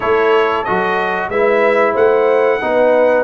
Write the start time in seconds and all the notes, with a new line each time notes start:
0.00 A3 E4 A4 C#5
0.64 F#3 F#4 D#5
1.28 G#3 E4 B4 E5
1.93 A3 C5 F#5
2.60 B3 D#4 B4